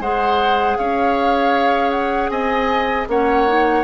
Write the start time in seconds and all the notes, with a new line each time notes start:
0.00 G#3 G#4 C5 F#5
0.78 C#4 C#5 F5
1.91 F#5
2.30 C4 D#5 G#5
3.08 A#3 C#4 C#5 F#5
3.48 D#4